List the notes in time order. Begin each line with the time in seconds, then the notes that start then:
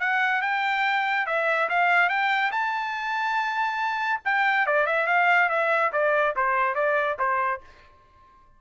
0.00 F#5
0.42 G5
1.26 E5
1.69 F5
2.09 G5
2.52 A5
4.25 G5
4.66 D5
4.86 E5
5.07 F5
5.49 E5
5.93 D5
6.36 C5
6.75 D5
7.19 C5